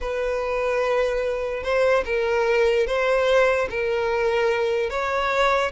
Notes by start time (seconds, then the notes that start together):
0.01 B4
1.63 C5
2.05 A#4
2.86 C5
3.69 A#4
4.89 C#5